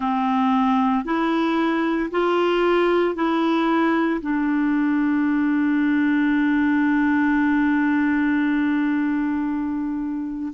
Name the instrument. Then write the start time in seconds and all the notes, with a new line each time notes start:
clarinet
0.00 C4
1.04 E4
2.11 F4
3.15 E4
4.21 D4